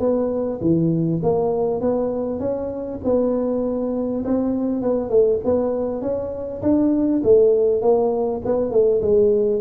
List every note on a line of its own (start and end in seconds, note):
0.00 0.60 B3
0.62 1.22 E3
1.23 1.81 A#3
1.81 2.40 B3
2.40 3.00 C#4
3.04 4.24 B3
4.25 4.82 C4
4.82 5.10 B3
5.10 5.40 A3
5.45 6.02 B3
6.02 6.62 C#4
6.62 7.22 D4
7.24 7.82 A3
7.82 8.42 A#3
8.45 8.72 B3
8.72 9.02 A3
9.02 9.61 G#3